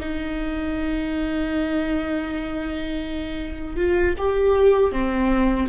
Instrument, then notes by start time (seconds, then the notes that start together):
viola
0.00 D#4
3.77 F4
4.18 G4
4.92 C4